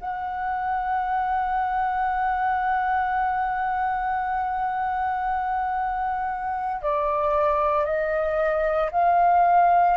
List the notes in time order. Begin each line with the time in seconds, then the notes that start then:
0.00 F#5
6.81 D5
7.85 D#5
8.91 F5